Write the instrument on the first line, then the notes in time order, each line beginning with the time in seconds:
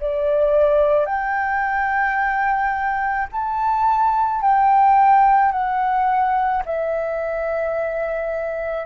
flute
0.00 D5
1.06 G5
3.31 A5
4.41 G5
5.52 F#5
6.65 E5